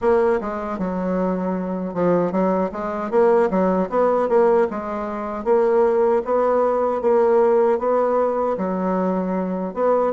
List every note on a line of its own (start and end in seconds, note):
0.01 0.40 A#3
0.41 0.78 G#3
0.78 1.94 F#3
1.94 2.32 F3
2.32 2.71 F#3
2.71 3.10 G#3
3.10 3.49 A#3
3.50 3.89 F#3
3.89 4.28 B3
4.28 4.67 A#3
4.70 5.44 G#3
5.44 6.22 A#3
6.24 7.01 B3
7.01 7.79 A#3
7.79 8.56 B3
8.57 9.74 F#3
9.74 10.13 B3